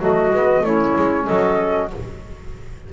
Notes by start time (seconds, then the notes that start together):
0.00 F#3 A3 F#4 D#5
0.31 G#3 B3
0.61 A3 C#4 E4 C#5
0.97 G#3
1.24 F#3 A4 D#5